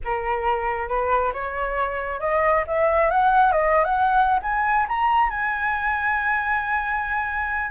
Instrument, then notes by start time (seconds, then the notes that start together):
flute
0.04 A#4
0.88 B4
1.33 C#5
2.20 D#5
2.67 E5
3.10 F#5
3.52 D#5
3.84 F#5
4.42 G#5
4.88 A#5
5.30 G#5